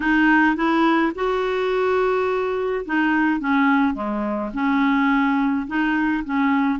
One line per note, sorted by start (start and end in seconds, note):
0.00 0.55 D#4
0.55 1.12 E4
1.15 2.85 F#4
2.85 3.40 D#4
3.40 3.94 C#4
3.94 4.50 G#3
4.53 5.66 C#4
5.67 6.23 D#4
6.24 6.79 C#4